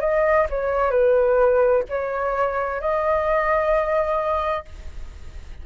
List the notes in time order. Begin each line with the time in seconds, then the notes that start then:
0.00 D#5
0.50 C#5
0.90 B4
1.88 C#5
2.80 D#5